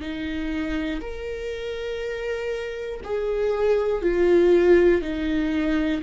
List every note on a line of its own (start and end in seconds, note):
0.00 1.00 D#4
1.01 3.01 A#4
3.04 4.02 G#4
4.02 5.01 F4
5.01 6.01 D#4